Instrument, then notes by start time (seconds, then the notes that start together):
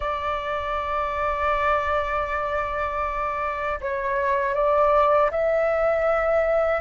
flute
0.00 D5
3.80 C#5
4.54 D5
5.30 E5